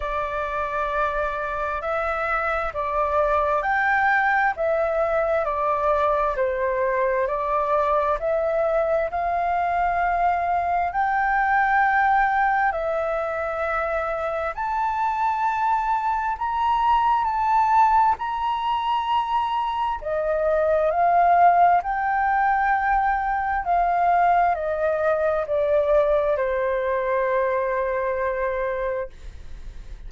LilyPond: \new Staff \with { instrumentName = "flute" } { \time 4/4 \tempo 4 = 66 d''2 e''4 d''4 | g''4 e''4 d''4 c''4 | d''4 e''4 f''2 | g''2 e''2 |
a''2 ais''4 a''4 | ais''2 dis''4 f''4 | g''2 f''4 dis''4 | d''4 c''2. | }